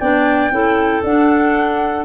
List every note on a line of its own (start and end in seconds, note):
0.00 0.51 B3
0.00 0.51 D4
0.00 0.52 D5
0.00 1.03 G5
0.51 1.03 C#4
0.51 1.03 E4
0.51 2.05 A4
1.04 2.05 D4
1.04 2.05 F#5